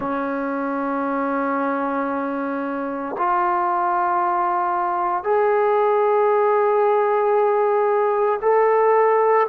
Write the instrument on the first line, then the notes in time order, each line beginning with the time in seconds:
trombone
0.00 C#4
3.18 F4
5.23 G#4
8.41 A4